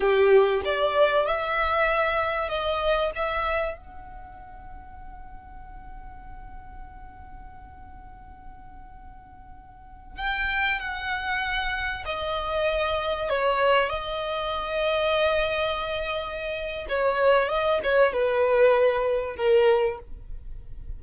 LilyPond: \new Staff \with { instrumentName = "violin" } { \time 4/4 \tempo 4 = 96 g'4 d''4 e''2 | dis''4 e''4 fis''2~ | fis''1~ | fis''1~ |
fis''16 g''4 fis''2 dis''8.~ | dis''4~ dis''16 cis''4 dis''4.~ dis''16~ | dis''2. cis''4 | dis''8 cis''8 b'2 ais'4 | }